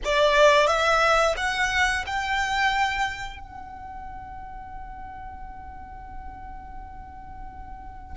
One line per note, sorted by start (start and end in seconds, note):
0.04 0.66 D5
0.66 1.35 E5
1.36 2.05 F#5
2.06 3.39 G5
3.39 8.16 F#5